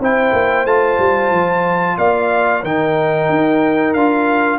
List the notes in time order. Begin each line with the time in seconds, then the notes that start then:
0.00 C4 E4 C5 G5
0.33 A#3
0.66 A3 F4 A5
0.99 G3
1.32 F3
1.98 A#3 D5 F5
2.62 D#3 D#4 A#4 G5
3.30 D#4
3.94 D4 F4 F5